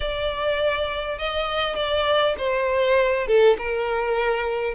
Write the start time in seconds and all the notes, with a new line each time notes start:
0.00 D5
1.18 D#5
1.75 D5
2.38 C5
3.27 A4
3.58 A#4